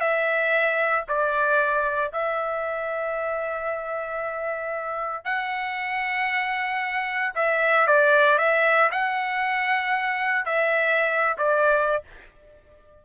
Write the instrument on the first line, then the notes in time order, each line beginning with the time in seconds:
trumpet
0.00 E5
1.08 D5
2.12 E5
5.24 F#5
7.34 E5
7.86 D5
8.38 E5
8.91 F#5
10.45 E5
11.37 D5